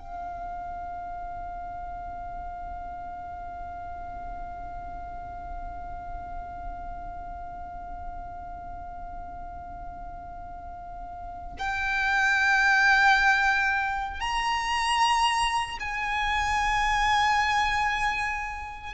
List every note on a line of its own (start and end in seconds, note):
0.00 11.58 F5
11.59 14.21 G5
14.21 15.78 A#5
15.80 18.94 G#5